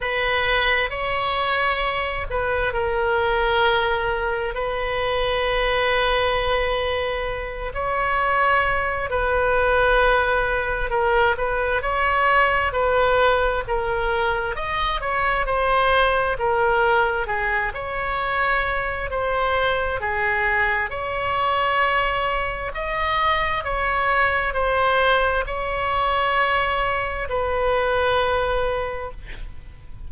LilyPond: \new Staff \with { instrumentName = "oboe" } { \time 4/4 \tempo 4 = 66 b'4 cis''4. b'8 ais'4~ | ais'4 b'2.~ | b'8 cis''4. b'2 | ais'8 b'8 cis''4 b'4 ais'4 |
dis''8 cis''8 c''4 ais'4 gis'8 cis''8~ | cis''4 c''4 gis'4 cis''4~ | cis''4 dis''4 cis''4 c''4 | cis''2 b'2 | }